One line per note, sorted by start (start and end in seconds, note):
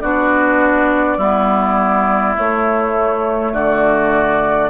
0.00 1.17 B3
0.00 1.19 D4
0.00 1.17 F#4
0.00 2.35 D5
1.17 2.35 G3
1.17 2.35 B3
1.17 3.52 E4
2.35 4.70 A3
2.35 3.52 A3
2.35 3.54 C#5
3.52 4.70 D3
3.52 4.70 F#4
3.52 4.70 D5